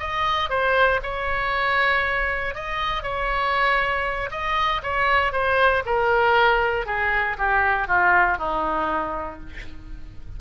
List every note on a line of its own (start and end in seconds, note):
0.00 0.50 D#5
0.50 1.01 C5
1.03 2.55 C#5
2.55 3.03 D#5
3.03 4.30 C#5
4.31 4.82 D#5
4.83 5.33 C#5
5.33 5.83 C5
5.86 6.86 A#4
6.86 7.37 G#4
7.38 7.88 G4
7.88 8.38 F4
8.38 9.40 D#4